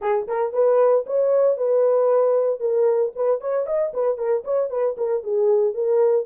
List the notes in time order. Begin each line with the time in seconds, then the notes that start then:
0.01 G#4
0.27 A#4
0.52 B4
1.06 C#5
1.57 B4
2.60 A#4
3.15 B4
3.41 C#5
3.66 D#5
3.93 B4
4.17 A#4
4.44 C#5
4.70 B4
4.97 A#4
5.23 G#4
5.74 A#4